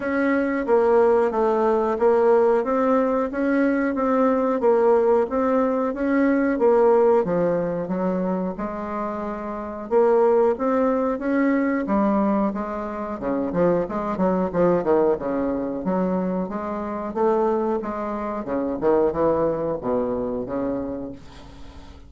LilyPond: \new Staff \with { instrumentName = "bassoon" } { \time 4/4 \tempo 4 = 91 cis'4 ais4 a4 ais4 | c'4 cis'4 c'4 ais4 | c'4 cis'4 ais4 f4 | fis4 gis2 ais4 |
c'4 cis'4 g4 gis4 | cis8 f8 gis8 fis8 f8 dis8 cis4 | fis4 gis4 a4 gis4 | cis8 dis8 e4 b,4 cis4 | }